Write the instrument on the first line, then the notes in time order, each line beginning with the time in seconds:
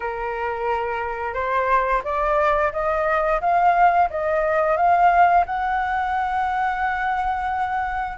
flute
0.00 A#4
1.34 C5
2.04 D5
2.72 D#5
3.41 F5
4.09 D#5
4.76 F5
5.45 F#5